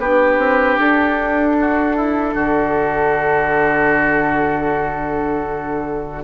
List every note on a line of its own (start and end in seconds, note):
0.00 0.38 B3
0.00 6.24 D4
0.00 1.56 G4
0.00 0.78 B4
0.38 0.77 C4
0.79 2.35 D4
0.79 6.24 A4
1.60 1.96 F#4
1.96 2.34 E4
2.34 6.24 D3
2.34 6.24 F#4